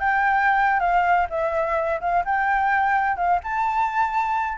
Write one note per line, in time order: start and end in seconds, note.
0.00 0.80 G5
0.80 1.27 F5
1.30 2.00 E5
2.01 2.24 F5
2.25 3.17 G5
3.17 3.40 F5
3.43 4.58 A5